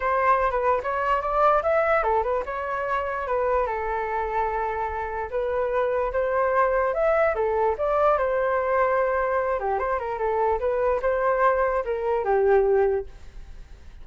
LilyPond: \new Staff \with { instrumentName = "flute" } { \time 4/4 \tempo 4 = 147 c''4~ c''16 b'8. cis''4 d''4 | e''4 a'8 b'8 cis''2 | b'4 a'2.~ | a'4 b'2 c''4~ |
c''4 e''4 a'4 d''4 | c''2.~ c''8 g'8 | c''8 ais'8 a'4 b'4 c''4~ | c''4 ais'4 g'2 | }